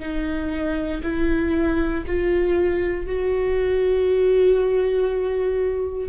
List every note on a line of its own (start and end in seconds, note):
0.00 1.02 D#4
1.03 2.05 E4
2.07 3.06 F4
3.06 6.09 F#4